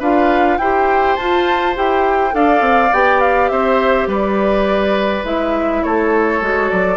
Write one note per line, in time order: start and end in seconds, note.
0.00 0.59 D4
0.00 0.60 F4
0.00 0.58 B4
0.00 0.58 F5
0.58 1.17 E4
0.58 1.20 G4
0.58 2.35 C5
0.58 1.16 G5
1.16 1.77 F4
1.16 1.75 F4
1.16 1.75 A5
1.75 2.35 E4
1.75 2.31 G4
1.75 2.36 G5
2.31 2.61 D4
2.31 2.89 A4
2.31 3.52 D5
2.31 2.94 F5
2.61 2.90 C4
2.93 3.51 B3
2.93 5.25 G4
2.93 3.21 G5
3.21 3.49 F5
3.49 4.08 C4
3.49 4.09 C5
3.49 4.08 E5
4.08 5.24 G3
4.08 5.84 B4
4.08 5.25 D5
5.24 5.83 G#3
5.24 6.42 E4
5.24 5.83 E5
5.83 6.42 A3
5.83 6.97 A4
5.83 6.71 C#5
6.42 6.71 G#3
6.42 6.97 F#4
6.71 6.97 F#3
6.71 6.97 D5